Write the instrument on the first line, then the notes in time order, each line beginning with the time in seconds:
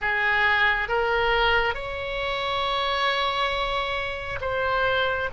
oboe
0.01 G#4
0.88 A#4
1.74 C#5
4.40 C5